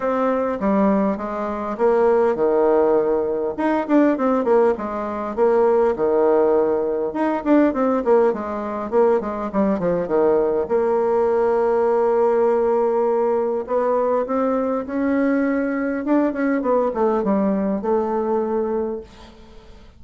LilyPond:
\new Staff \with { instrumentName = "bassoon" } { \time 4/4 \tempo 4 = 101 c'4 g4 gis4 ais4 | dis2 dis'8 d'8 c'8 ais8 | gis4 ais4 dis2 | dis'8 d'8 c'8 ais8 gis4 ais8 gis8 |
g8 f8 dis4 ais2~ | ais2. b4 | c'4 cis'2 d'8 cis'8 | b8 a8 g4 a2 | }